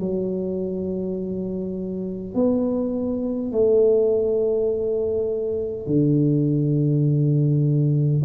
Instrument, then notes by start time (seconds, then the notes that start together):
tuba
0.00 F#3
2.35 B3
3.52 A3
5.87 D3